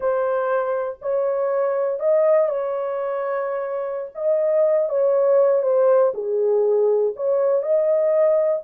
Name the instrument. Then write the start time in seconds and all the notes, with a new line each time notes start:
horn
0.00 C5
1.01 C#5
1.99 D#5
2.48 C#5
4.14 D#5
4.89 C#5
5.62 C5
6.13 G#4
7.16 C#5
7.62 D#5